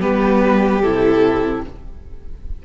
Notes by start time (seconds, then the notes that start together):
0.00 G3 B3 G4 B4
0.81 C3 E4 A4